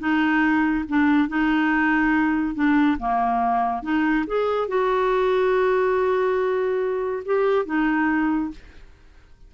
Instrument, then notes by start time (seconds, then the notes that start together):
clarinet
0.00 D#4
0.89 D4
1.29 D#4
2.55 D4
2.99 A#3
3.83 D#4
4.27 G#4
4.68 F#4
7.26 G4
7.66 D#4